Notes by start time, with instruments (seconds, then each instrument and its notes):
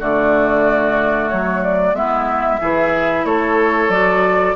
0.00 bassoon D3, clarinet A3, oboe F#4, flute D5
1.29 bassoon F#3, flute C#5
1.63 flute D5
1.93 bassoon G#3, clarinet B3, oboe E4, flute E5
2.61 bassoon E3, clarinet E4, oboe G#4
3.25 bassoon A3, oboe A4, flute C#5
3.89 bassoon F#3, clarinet F#4, flute D5